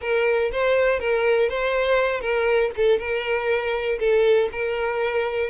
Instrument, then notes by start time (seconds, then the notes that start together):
violin
0.01 A#4
0.52 C5
0.99 A#4
1.49 C5
2.20 A#4
2.76 A4
2.98 A#4
3.99 A4
4.52 A#4